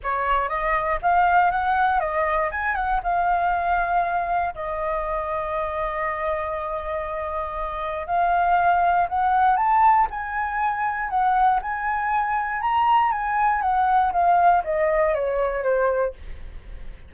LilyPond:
\new Staff \with { instrumentName = "flute" } { \time 4/4 \tempo 4 = 119 cis''4 dis''4 f''4 fis''4 | dis''4 gis''8 fis''8 f''2~ | f''4 dis''2.~ | dis''1 |
f''2 fis''4 a''4 | gis''2 fis''4 gis''4~ | gis''4 ais''4 gis''4 fis''4 | f''4 dis''4 cis''4 c''4 | }